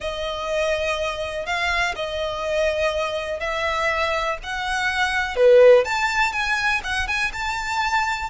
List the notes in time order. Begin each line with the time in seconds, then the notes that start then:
0.00 D#5
1.45 F5
1.95 D#5
3.40 E5
4.43 F#5
5.36 B4
5.84 A5
6.32 G#5
6.83 F#5
7.07 G#5
7.33 A5